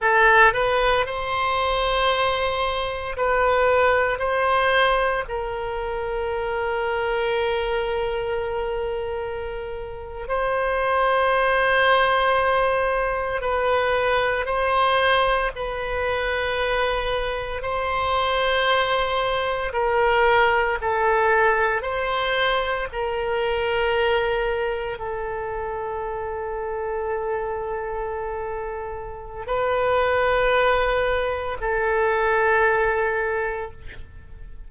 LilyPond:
\new Staff \with { instrumentName = "oboe" } { \time 4/4 \tempo 4 = 57 a'8 b'8 c''2 b'4 | c''4 ais'2.~ | ais'4.~ ais'16 c''2~ c''16~ | c''8. b'4 c''4 b'4~ b'16~ |
b'8. c''2 ais'4 a'16~ | a'8. c''4 ais'2 a'16~ | a'1 | b'2 a'2 | }